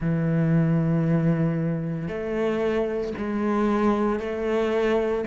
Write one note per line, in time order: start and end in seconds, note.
0.00 2.08 E3
2.08 3.13 A3
3.17 4.19 G#3
4.19 5.24 A3